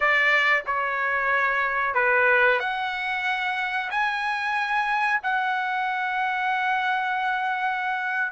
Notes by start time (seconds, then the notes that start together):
0.00 D5
0.66 C#5
1.94 B4
2.59 F#5
3.90 G#5
5.22 F#5